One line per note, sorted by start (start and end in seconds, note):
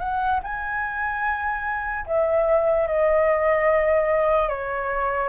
0.00 0.41 F#5
0.44 2.06 G#5
2.06 2.87 E5
2.87 4.49 D#5
4.49 5.29 C#5